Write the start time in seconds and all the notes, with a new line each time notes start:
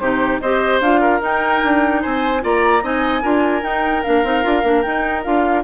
0.00 C3 D#4 G4 C5
0.41 C4 G4 C5 D#5
0.81 D4 F4 F5
1.02 A#4
1.21 D#4 G5
1.64 D4
2.02 C4 C5 G#5
2.41 A#3 F4 D5 A#5
2.83 C4 D#4 D#5 G#5
3.22 D4 F4 A#4
3.62 D#4 G5
4.04 A#3 D4 F5
4.24 C4 D#4
4.43 D4 F4
4.64 A#3 D4
4.82 D#4 G5
5.24 D4 F4 F5